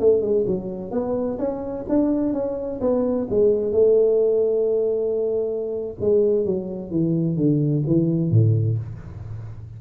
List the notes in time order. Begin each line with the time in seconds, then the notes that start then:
0.00 A3
0.21 G#3
0.46 F#3
0.91 B3
1.38 C#4
1.89 D4
2.33 C#4
2.81 B3
3.30 G#3
3.72 A3
6.00 G#3
6.45 F#3
6.91 E3
7.36 D3
7.86 E3
8.31 A2